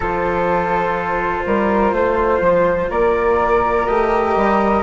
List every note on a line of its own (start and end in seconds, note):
0.00 1.42 F3
0.00 3.87 F4
0.00 1.45 A4
0.00 2.90 C5
1.46 1.92 G3
1.46 1.94 A#4
1.92 2.40 A3
1.92 2.90 C5
2.40 2.89 F3
2.90 3.87 A#3
2.90 4.83 A#4
2.90 3.86 D5
3.86 4.35 A3
3.86 4.83 G4
3.86 4.83 D#5
4.35 4.83 G3